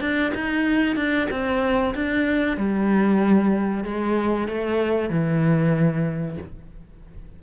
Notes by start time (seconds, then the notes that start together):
0.00 D4
0.34 D#4
0.96 D4
1.30 C4
1.94 D4
2.57 G3
3.84 G#3
4.47 A3
5.09 E3